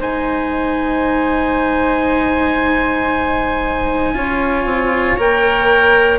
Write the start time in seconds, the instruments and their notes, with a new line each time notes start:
0.00 bassoon G#3, cello D#4, flute C5, oboe G#5
4.14 bassoon C#4, cello F4, flute C#5
4.65 bassoon C4
5.17 bassoon A#3, cello A#4, oboe G5